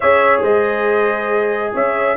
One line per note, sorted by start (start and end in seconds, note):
0.00 0.41 C#4
0.00 2.16 G#4
0.00 0.42 C#5
0.00 0.40 E5
0.41 1.71 G#3
0.41 1.72 C5
0.41 1.74 D#5
1.73 2.16 C#4
1.73 2.16 C#5
1.73 2.16 E5